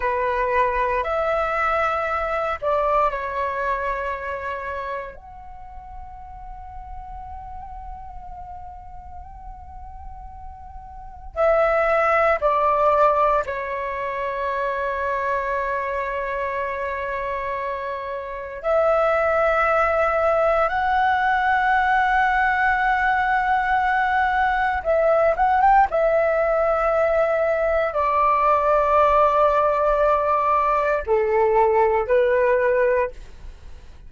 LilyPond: \new Staff \with { instrumentName = "flute" } { \time 4/4 \tempo 4 = 58 b'4 e''4. d''8 cis''4~ | cis''4 fis''2.~ | fis''2. e''4 | d''4 cis''2.~ |
cis''2 e''2 | fis''1 | e''8 fis''16 g''16 e''2 d''4~ | d''2 a'4 b'4 | }